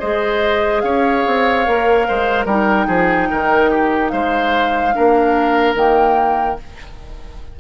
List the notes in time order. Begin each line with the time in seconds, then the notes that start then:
0.00 G#3 G#4 C5 D#5
0.81 C#4 C#5 F5
1.27 C4
1.66 A#3 A#4
2.08 G#3 C5
2.46 G3 D#4 A#4 G5
2.87 F3 G#4
3.31 D#3 A#4
3.71 G4
4.10 G#3 C5 F5
4.93 A#3 D4 A#4
5.75 D#3 A#3 G5